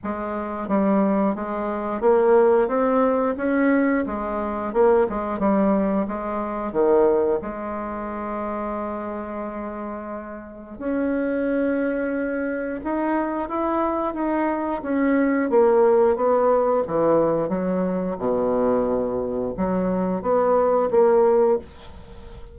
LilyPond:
\new Staff \with { instrumentName = "bassoon" } { \time 4/4 \tempo 4 = 89 gis4 g4 gis4 ais4 | c'4 cis'4 gis4 ais8 gis8 | g4 gis4 dis4 gis4~ | gis1 |
cis'2. dis'4 | e'4 dis'4 cis'4 ais4 | b4 e4 fis4 b,4~ | b,4 fis4 b4 ais4 | }